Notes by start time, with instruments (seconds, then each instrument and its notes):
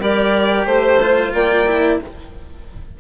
0.00 bassoon G3, cello G4, clarinet A#4, violin D5
0.66 bassoon A3, violin C5, clarinet C5
1.02 cello F4
1.33 bassoon A#3, clarinet D5, violin G5
1.67 cello E4